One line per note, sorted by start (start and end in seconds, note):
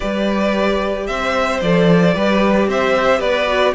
0.00 1.08 G3
0.00 1.59 G4
0.00 1.06 B4
0.00 1.07 D5
1.07 1.61 C4
1.07 2.14 C5
1.07 1.60 E5
1.61 2.15 F3
1.61 2.14 A4
1.61 2.68 D5
2.14 2.67 G3
2.14 3.47 G4
2.14 2.68 B4
2.67 3.20 C4
2.67 3.19 C5
2.67 3.21 E5
3.19 3.73 B3
3.19 3.72 B4
3.19 3.74 D5
3.47 3.74 F#4